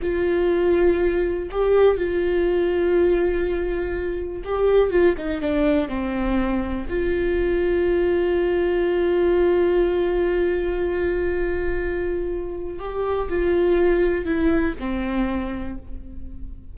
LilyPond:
\new Staff \with { instrumentName = "viola" } { \time 4/4 \tempo 4 = 122 f'2. g'4 | f'1~ | f'4 g'4 f'8 dis'8 d'4 | c'2 f'2~ |
f'1~ | f'1~ | f'2 g'4 f'4~ | f'4 e'4 c'2 | }